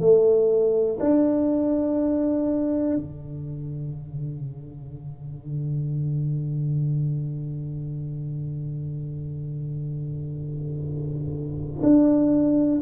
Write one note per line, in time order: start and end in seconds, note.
0.00 0.98 A3
1.00 2.96 D4
2.96 11.82 D3
11.83 12.81 D4